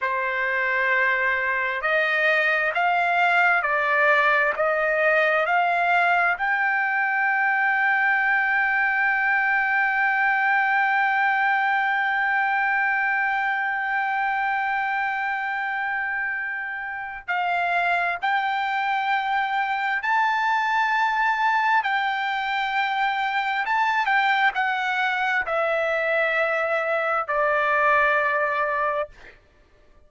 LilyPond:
\new Staff \with { instrumentName = "trumpet" } { \time 4/4 \tempo 4 = 66 c''2 dis''4 f''4 | d''4 dis''4 f''4 g''4~ | g''1~ | g''1~ |
g''2. f''4 | g''2 a''2 | g''2 a''8 g''8 fis''4 | e''2 d''2 | }